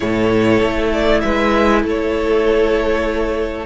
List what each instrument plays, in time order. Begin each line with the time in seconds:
0.00 cello A2, viola E4, violin A4 C#5
0.60 cello A3
0.92 violin D5
1.21 cello G#3, violin B4 E5
1.82 cello A3, violin A4
1.88 violin C#5